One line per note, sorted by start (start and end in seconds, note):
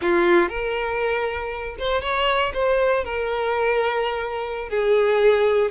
0.01 0.49 F4
0.49 1.76 A#4
1.78 2.01 C5
2.01 2.52 C#5
2.53 3.04 C5
3.04 4.69 A#4
4.69 5.71 G#4